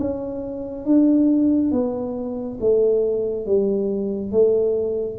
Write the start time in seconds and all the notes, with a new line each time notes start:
0.00 C#4
0.86 D4
1.72 B3
2.61 A3
3.47 G3
4.32 A3